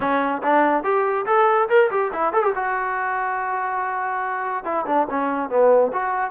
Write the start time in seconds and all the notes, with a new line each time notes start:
0.00 C#4
0.42 D4
0.83 G4
1.26 A4
1.69 A#4
1.90 G4
2.13 E4
2.32 A4
2.42 G4
2.55 F#4
4.64 E4
4.86 D4
5.09 C#4
5.49 B3
5.92 F#4